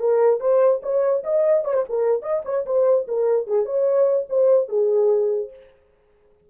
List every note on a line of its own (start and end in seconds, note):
0.00 0.40 A#4
0.40 0.81 C5
0.83 1.24 C#5
1.24 1.65 D#5
1.65 1.74 C#5
1.74 1.84 C5
1.89 2.22 A#4
2.22 2.42 D#5
2.45 2.65 C#5
2.66 3.06 C5
3.08 3.47 A#4
3.47 3.65 G#4
3.65 4.27 C#5
4.30 4.69 C5
4.69 5.50 G#4